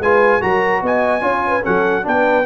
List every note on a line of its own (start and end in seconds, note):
0.00 0.41 G#3
0.00 0.41 F4
0.00 0.41 B4
0.00 0.42 G#5
0.41 0.82 F#3
0.41 1.21 F#4
0.41 0.82 A#4
0.41 0.83 A#5
0.82 1.21 B3
0.82 1.22 D#5
0.82 1.65 G#5
1.21 1.62 C#4
1.21 1.62 F4
1.21 1.43 C#5
1.47 1.63 B4
1.63 2.06 F#3
1.63 2.03 C#4
1.63 2.04 A4
1.63 2.05 F#5
2.03 2.45 B3
2.03 2.44 D4
2.03 2.45 B4
2.03 2.45 G5